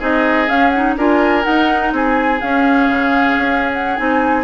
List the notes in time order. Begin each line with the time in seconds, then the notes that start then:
0.00 C4 D#4 G#4 D#5
0.48 C#4 F5
0.70 D#4 F#5
0.97 D4 F4 A#4 G#5
1.44 D#4 F#5
1.93 C4 G#4 G#5
2.41 C#4 F5
2.89 C#3
3.39 C#4
3.73 F#5
3.97 C4 D#4 G#5